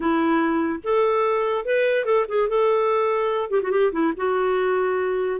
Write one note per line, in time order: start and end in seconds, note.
0.00 0.79 E4
0.83 1.65 A4
1.65 2.05 B4
2.05 2.26 A4
2.28 2.48 G#4
2.48 3.50 A4
3.50 3.61 G4
3.62 3.71 F#4
3.71 3.91 G4
3.92 4.13 E4
4.16 5.40 F#4